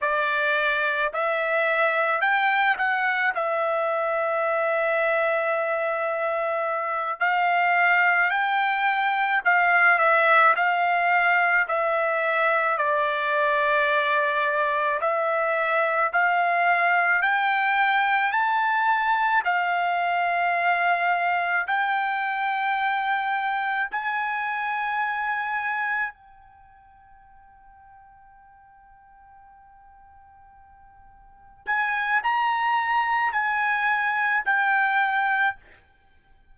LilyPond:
\new Staff \with { instrumentName = "trumpet" } { \time 4/4 \tempo 4 = 54 d''4 e''4 g''8 fis''8 e''4~ | e''2~ e''8 f''4 g''8~ | g''8 f''8 e''8 f''4 e''4 d''8~ | d''4. e''4 f''4 g''8~ |
g''8 a''4 f''2 g''8~ | g''4. gis''2 g''8~ | g''1~ | g''8 gis''8 ais''4 gis''4 g''4 | }